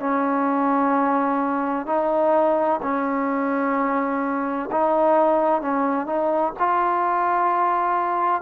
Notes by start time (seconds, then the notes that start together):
0.00 C#4
1.86 D#4
2.82 C#4
4.71 D#4
5.61 C#4
6.06 D#4
6.59 F4